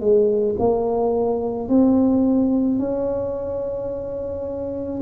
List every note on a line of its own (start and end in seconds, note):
0.00 0.56 G#3
0.59 1.69 A#3
1.69 2.79 C4
2.79 5.02 C#4